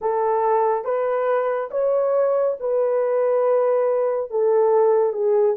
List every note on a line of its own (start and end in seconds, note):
0.01 0.84 A4
0.84 1.69 B4
1.71 2.56 C#5
2.59 4.30 B4
4.30 5.12 A4
5.12 5.55 G#4